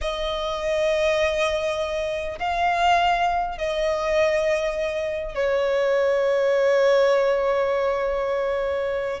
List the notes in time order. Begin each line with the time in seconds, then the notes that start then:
0.01 D#5
2.39 F5
3.58 D#5
5.34 C#5